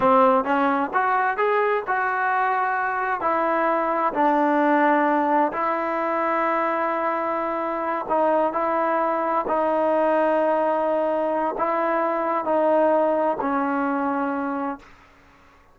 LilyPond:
\new Staff \with { instrumentName = "trombone" } { \time 4/4 \tempo 4 = 130 c'4 cis'4 fis'4 gis'4 | fis'2. e'4~ | e'4 d'2. | e'1~ |
e'4. dis'4 e'4.~ | e'8 dis'2.~ dis'8~ | dis'4 e'2 dis'4~ | dis'4 cis'2. | }